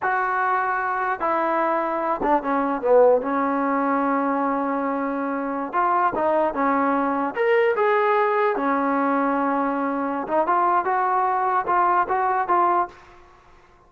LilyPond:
\new Staff \with { instrumentName = "trombone" } { \time 4/4 \tempo 4 = 149 fis'2. e'4~ | e'4. d'8 cis'4 b4 | cis'1~ | cis'2~ cis'16 f'4 dis'8.~ |
dis'16 cis'2 ais'4 gis'8.~ | gis'4~ gis'16 cis'2~ cis'8.~ | cis'4. dis'8 f'4 fis'4~ | fis'4 f'4 fis'4 f'4 | }